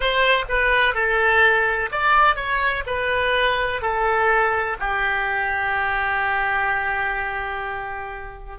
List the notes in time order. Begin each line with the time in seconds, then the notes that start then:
0.00 C5
0.48 B4
0.94 A4
1.91 D5
2.35 C#5
2.86 B4
3.81 A4
4.79 G4